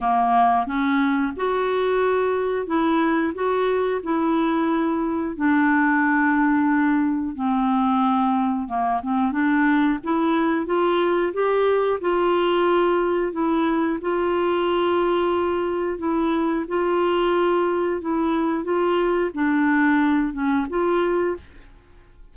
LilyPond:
\new Staff \with { instrumentName = "clarinet" } { \time 4/4 \tempo 4 = 90 ais4 cis'4 fis'2 | e'4 fis'4 e'2 | d'2. c'4~ | c'4 ais8 c'8 d'4 e'4 |
f'4 g'4 f'2 | e'4 f'2. | e'4 f'2 e'4 | f'4 d'4. cis'8 f'4 | }